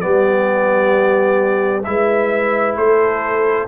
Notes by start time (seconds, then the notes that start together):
0.00 G3 B3 G4 D5
1.84 G#3 E4 B4 E5
2.76 A3 A4 C5